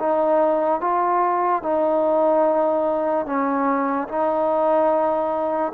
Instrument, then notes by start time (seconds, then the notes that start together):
trombone
0.00 D#4
0.81 F4
1.63 D#4
3.26 C#4
4.09 D#4